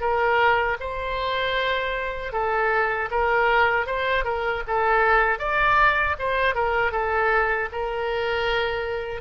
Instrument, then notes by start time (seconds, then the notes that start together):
oboe
0.00 A#4
0.80 C5
2.32 A4
3.10 A#4
3.86 C5
4.24 A#4
4.67 A4
5.39 D5
6.19 C5
6.55 A#4
6.92 A4
7.72 A#4